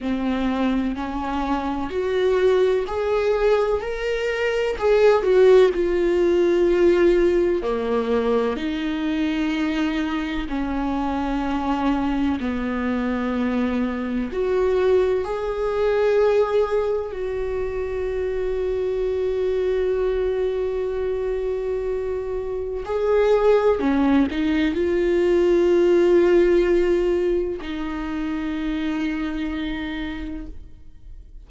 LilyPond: \new Staff \with { instrumentName = "viola" } { \time 4/4 \tempo 4 = 63 c'4 cis'4 fis'4 gis'4 | ais'4 gis'8 fis'8 f'2 | ais4 dis'2 cis'4~ | cis'4 b2 fis'4 |
gis'2 fis'2~ | fis'1 | gis'4 cis'8 dis'8 f'2~ | f'4 dis'2. | }